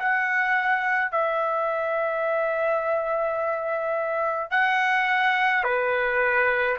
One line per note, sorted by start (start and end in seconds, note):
0.00 1.12 F#5
1.12 4.51 E5
4.51 5.64 F#5
5.64 6.77 B4